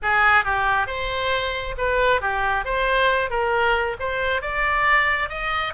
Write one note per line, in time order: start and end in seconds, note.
0.02 0.44 G#4
0.44 0.86 G4
0.86 1.75 C5
1.77 2.21 B4
2.21 2.65 G4
2.65 3.30 C5
3.30 3.96 A#4
3.99 4.41 C5
4.41 5.29 D5
5.29 5.73 D#5